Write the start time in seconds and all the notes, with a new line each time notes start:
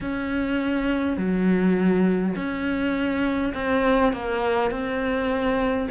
0.00 C#4
1.17 F#3
2.35 C#4
3.53 C4
4.12 A#3
4.71 C4